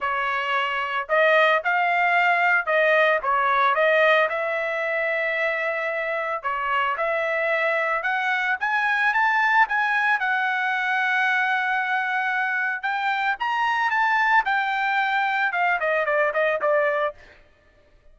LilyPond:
\new Staff \with { instrumentName = "trumpet" } { \time 4/4 \tempo 4 = 112 cis''2 dis''4 f''4~ | f''4 dis''4 cis''4 dis''4 | e''1 | cis''4 e''2 fis''4 |
gis''4 a''4 gis''4 fis''4~ | fis''1 | g''4 ais''4 a''4 g''4~ | g''4 f''8 dis''8 d''8 dis''8 d''4 | }